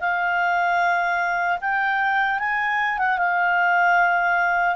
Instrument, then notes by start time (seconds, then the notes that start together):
clarinet
0.00 F5
1.61 G5
2.39 G#5
2.98 F#5
3.18 F5